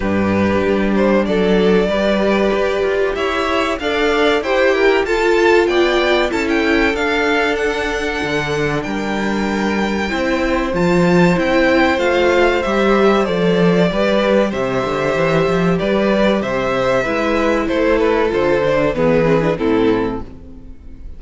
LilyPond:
<<
  \new Staff \with { instrumentName = "violin" } { \time 4/4 \tempo 4 = 95 b'4. c''8 d''2~ | d''4 e''4 f''4 g''4 | a''4 g''4 a''16 g''8. f''4 | fis''2 g''2~ |
g''4 a''4 g''4 f''4 | e''4 d''2 e''4~ | e''4 d''4 e''2 | c''8 b'8 c''4 b'4 a'4 | }
  \new Staff \with { instrumentName = "violin" } { \time 4/4 g'2 a'4 b'4~ | b'4 cis''4 d''4 c''8 ais'8 | a'4 d''4 a'2~ | a'2 ais'2 |
c''1~ | c''2 b'4 c''4~ | c''4 b'4 c''4 b'4 | a'2 gis'4 e'4 | }
  \new Staff \with { instrumentName = "viola" } { \time 4/4 d'2. g'4~ | g'2 a'4 g'4 | f'2 e'4 d'4~ | d'1 |
e'4 f'4 e'4 f'4 | g'4 a'4 g'2~ | g'2. e'4~ | e'4 f'8 d'8 b8 c'16 d'16 c'4 | }
  \new Staff \with { instrumentName = "cello" } { \time 4/4 g,4 g4 fis4 g4 | g'8 f'8 e'4 d'4 e'4 | f'4 b4 cis'4 d'4~ | d'4 d4 g2 |
c'4 f4 c'4 a4 | g4 f4 g4 c8 d8 | e8 f8 g4 c4 gis4 | a4 d4 e4 a,4 | }
>>